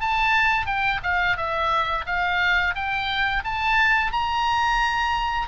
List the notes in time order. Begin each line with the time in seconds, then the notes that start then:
0.00 A5
0.66 G5
1.03 F5
1.36 E5
2.06 F5
2.75 G5
3.44 A5
4.12 A#5